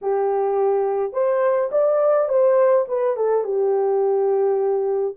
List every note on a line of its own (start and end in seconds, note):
0.01 1.12 G4
1.12 1.70 C5
1.71 2.28 D5
2.28 2.85 C5
2.88 3.16 B4
3.16 3.44 A4
3.44 5.15 G4